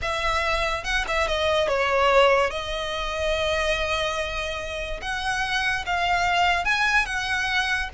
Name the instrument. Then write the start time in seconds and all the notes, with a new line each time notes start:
violin
0.01 E5
0.84 F#5
1.07 E5
1.27 D#5
1.67 C#5
2.50 D#5
5.01 F#5
5.86 F5
6.65 G#5
7.05 F#5